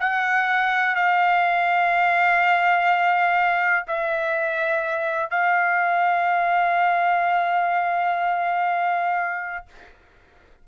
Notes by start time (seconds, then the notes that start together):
0.00 F#5
0.95 F5
3.88 E5
5.30 F5